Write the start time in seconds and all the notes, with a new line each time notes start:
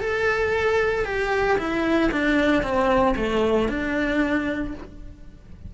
0.00 A4
1.05 G4
1.58 E4
2.11 D4
2.62 C4
3.16 A3
3.69 D4